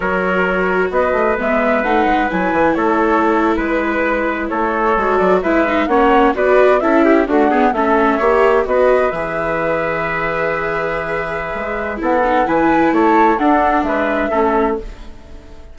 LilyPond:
<<
  \new Staff \with { instrumentName = "flute" } { \time 4/4 \tempo 4 = 130 cis''2 dis''4 e''4 | fis''4 gis''4 cis''4.~ cis''16 b'16~ | b'4.~ b'16 cis''4. d''8 e''16~ | e''8. fis''4 d''4 e''4 fis''16~ |
fis''8. e''2 dis''4 e''16~ | e''1~ | e''2 fis''4 gis''4 | a''4 fis''4 e''2 | }
  \new Staff \with { instrumentName = "trumpet" } { \time 4/4 ais'2 b'2~ | b'2 a'4.~ a'16 b'16~ | b'4.~ b'16 a'2 b'16~ | b'8. cis''4 b'4 a'8 g'8 fis'16~ |
fis'16 gis'8 a'4 cis''4 b'4~ b'16~ | b'1~ | b'2 a'4 b'4 | cis''4 a'4 b'4 a'4 | }
  \new Staff \with { instrumentName = "viola" } { \time 4/4 fis'2. b4 | dis'4 e'2.~ | e'2~ e'8. fis'4 e'16~ | e'16 dis'8 cis'4 fis'4 e'4 a16~ |
a16 b8 cis'4 g'4 fis'4 gis'16~ | gis'1~ | gis'2 e'8 dis'8 e'4~ | e'4 d'2 cis'4 | }
  \new Staff \with { instrumentName = "bassoon" } { \time 4/4 fis2 b8 a8 gis4 | a8 gis8 fis8 e8 a4.~ a16 gis16~ | gis4.~ gis16 a4 gis8 fis8 gis16~ | gis8. ais4 b4 cis'4 d'16~ |
d'8. a4 ais4 b4 e16~ | e1~ | e4 gis4 b4 e4 | a4 d'4 gis4 a4 | }
>>